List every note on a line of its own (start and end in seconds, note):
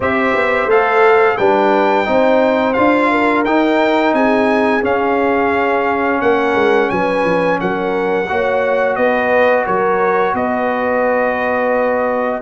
0.00 0.34 C4
0.00 0.69 G4
0.00 1.38 C5
0.00 0.70 E5
0.34 0.66 B3
0.66 1.34 A3
0.66 1.38 A4
0.66 1.37 F5
1.37 2.07 G3
1.37 2.05 D4
1.37 2.07 B4
1.37 2.73 G5
2.05 2.77 C4
2.05 2.74 D#4
2.05 3.10 C5
2.73 3.45 D4
2.73 3.45 F4
2.73 3.42 F5
3.10 4.14 A#4
3.45 4.13 D#4
3.45 4.81 D#4
3.45 4.14 G5
4.13 4.82 C4
4.13 6.21 G#4
4.13 4.83 G#5
4.81 8.26 C#4
4.81 6.21 C#4
4.81 6.21 F5
6.21 6.54 A#3
6.21 6.91 A#4
6.21 6.89 F#5
6.54 6.89 G#3
6.89 7.24 F#3
6.89 7.60 B4
6.89 7.58 G#5
7.24 7.58 F3
7.60 8.29 F#3
7.60 8.29 A#4
7.60 8.95 F#5
8.29 8.97 A#3
8.29 12.41 F#4
8.29 8.97 C#5
8.95 9.66 B3
8.95 9.65 B4
8.95 9.64 D#5
9.65 10.33 F#3
9.65 10.34 A#4
9.65 10.35 C#5
10.33 12.40 B3
10.33 12.41 B4
10.33 12.41 D#5